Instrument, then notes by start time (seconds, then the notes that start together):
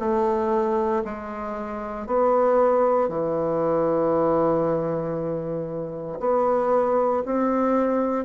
bassoon
0.00 A3
1.05 G#3
2.07 B3
3.09 E3
6.20 B3
7.26 C4